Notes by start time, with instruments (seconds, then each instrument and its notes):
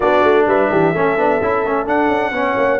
0.00 tuba B3, trombone D4, horn F#4, trumpet D5
0.23 tuba A3
0.46 tuba G3, horn B4, trumpet E5
0.70 tuba E3, horn G4
0.92 tuba A3, trombone C#4, horn A4
1.17 tuba B3, trombone D4
1.41 tuba C#4, trombone E4
1.64 tuba A3, trombone C#4
1.85 trombone D4, tuba D4, trumpet F#5
2.08 tuba C#4
2.31 tuba B3, trombone C#4, horn C#5
2.57 tuba A#3